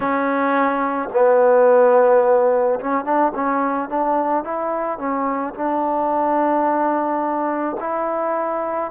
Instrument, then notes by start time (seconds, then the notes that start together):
trombone
0.00 C#4
1.13 B3
2.80 C#4
3.05 D4
3.34 C#4
3.89 D4
4.44 E4
4.98 C#4
5.54 D4
7.80 E4